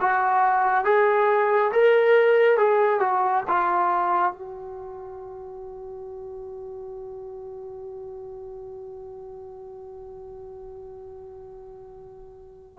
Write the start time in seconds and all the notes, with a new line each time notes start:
0.00 F#4
0.85 G#4
1.72 A#4
2.58 G#4
3.00 F#4
3.48 F4
4.32 F#4